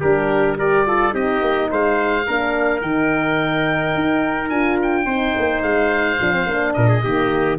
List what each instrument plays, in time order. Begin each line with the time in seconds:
0.00 tuba G3, horn D4, trumpet G4, oboe A#4
0.58 horn G4, trumpet A#4, oboe D5
0.86 horn F4, trumpet A4
1.11 tuba C4, horn D#4, trumpet G4, oboe D#5
1.41 tuba A#3
1.70 tuba G#3, trumpet C5, oboe F5
2.27 tuba A#3, horn D4, trumpet A#4
2.81 tuba D#3, horn D#4, oboe G5
3.95 tuba D#4
4.50 tuba D4, horn F4, oboe G#5
4.82 oboe G5
5.05 tuba C4, horn D#4, trumpet C5
5.37 tuba A#3
5.62 tuba G#3, oboe F5
6.21 tuba F3, horn D4
6.32 horn C4
6.46 tuba A#3, horn D4
6.73 tuba A#2, trumpet A#4, oboe D#5
6.89 trumpet G#4
7.03 tuba D#3, horn A#3, trumpet G4